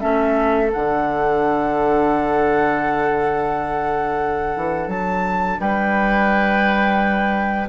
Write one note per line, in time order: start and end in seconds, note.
0.00 0.73 A3
0.00 0.68 C#4
0.00 5.59 A4
0.00 0.70 E5
0.68 7.66 D4
0.68 4.90 F#5
0.76 4.57 D3
4.57 4.88 E3
4.88 5.58 F#3
4.88 5.60 A5
5.60 7.69 G3
5.60 7.69 B4
5.60 7.69 G5